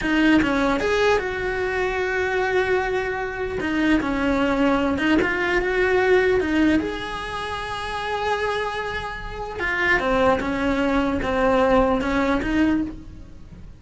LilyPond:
\new Staff \with { instrumentName = "cello" } { \time 4/4 \tempo 4 = 150 dis'4 cis'4 gis'4 fis'4~ | fis'1~ | fis'4 dis'4 cis'2~ | cis'8 dis'8 f'4 fis'2 |
dis'4 gis'2.~ | gis'1 | f'4 c'4 cis'2 | c'2 cis'4 dis'4 | }